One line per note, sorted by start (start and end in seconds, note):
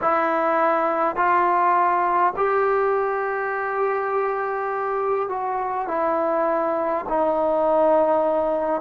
0.01 1.16 E4
1.16 2.33 F4
2.36 5.28 G4
5.28 5.87 F#4
5.87 7.05 E4
7.09 8.81 D#4